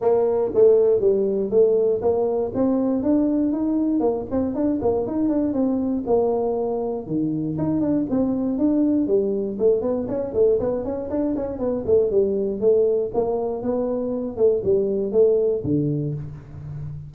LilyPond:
\new Staff \with { instrumentName = "tuba" } { \time 4/4 \tempo 4 = 119 ais4 a4 g4 a4 | ais4 c'4 d'4 dis'4 | ais8 c'8 d'8 ais8 dis'8 d'8 c'4 | ais2 dis4 dis'8 d'8 |
c'4 d'4 g4 a8 b8 | cis'8 a8 b8 cis'8 d'8 cis'8 b8 a8 | g4 a4 ais4 b4~ | b8 a8 g4 a4 d4 | }